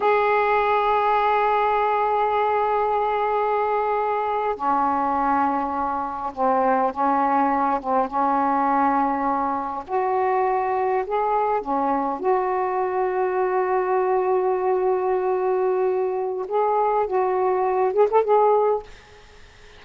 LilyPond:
\new Staff \with { instrumentName = "saxophone" } { \time 4/4 \tempo 4 = 102 gis'1~ | gis'2.~ gis'8. cis'16~ | cis'2~ cis'8. c'4 cis'16~ | cis'4~ cis'16 c'8 cis'2~ cis'16~ |
cis'8. fis'2 gis'4 cis'16~ | cis'8. fis'2.~ fis'16~ | fis'1 | gis'4 fis'4. gis'16 a'16 gis'4 | }